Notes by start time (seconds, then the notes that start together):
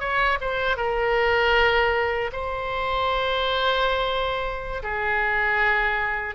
0.00 C#5
0.41 C5
0.77 A#4
2.33 C5
4.83 G#4